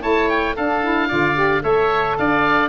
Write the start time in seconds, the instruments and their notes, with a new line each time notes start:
0.00 tuba A3, saxophone E4, oboe C#5 A5
0.29 oboe G5
0.55 tuba D4, saxophone D4, oboe A4 F5
0.83 saxophone E4
1.08 tuba D3, saxophone F4, oboe D5
1.34 saxophone G4
1.61 tuba A3, saxophone A4, oboe C#5 E5
2.17 tuba D4, oboe D5 F5